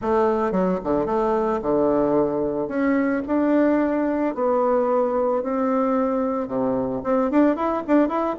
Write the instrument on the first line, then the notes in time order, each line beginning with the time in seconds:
bassoon
0.01 A3
0.51 F#3
0.84 D3
1.05 A3
1.62 D3
2.68 C#4
3.27 D4
4.35 B3
5.42 C4
6.47 C3
7.03 C4
7.30 D4
7.56 E4
7.87 D4
8.08 E4